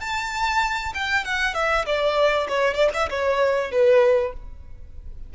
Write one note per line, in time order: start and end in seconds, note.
0.00 0.93 A5
0.94 1.24 G5
1.24 1.54 F#5
1.54 1.85 E5
1.85 2.47 D5
2.48 2.74 C#5
2.74 2.89 D5
2.93 3.09 E5
3.10 3.71 C#5
3.71 4.33 B4